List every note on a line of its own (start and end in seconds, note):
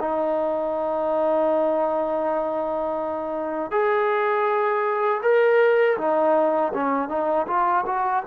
0.00 3.71 D#4
3.71 5.21 G#4
5.22 5.97 A#4
5.97 6.72 D#4
6.74 7.09 C#4
7.09 7.46 D#4
7.47 7.85 F4
7.86 8.23 F#4